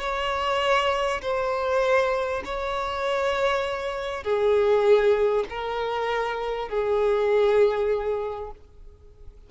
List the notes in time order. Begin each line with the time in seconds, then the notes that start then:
0.00 C#5
1.21 C5
2.45 C#5
4.23 G#4
5.50 A#4
6.69 G#4